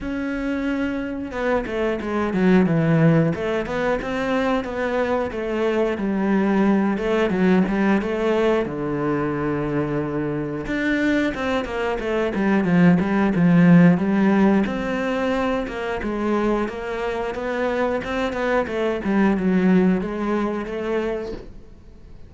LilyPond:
\new Staff \with { instrumentName = "cello" } { \time 4/4 \tempo 4 = 90 cis'2 b8 a8 gis8 fis8 | e4 a8 b8 c'4 b4 | a4 g4. a8 fis8 g8 | a4 d2. |
d'4 c'8 ais8 a8 g8 f8 g8 | f4 g4 c'4. ais8 | gis4 ais4 b4 c'8 b8 | a8 g8 fis4 gis4 a4 | }